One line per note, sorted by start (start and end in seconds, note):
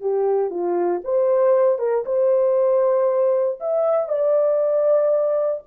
0.00 0.50 G4
0.50 1.01 F4
1.04 1.78 C5
1.78 2.04 A#4
2.05 3.59 C5
3.60 4.08 E5
4.08 5.62 D5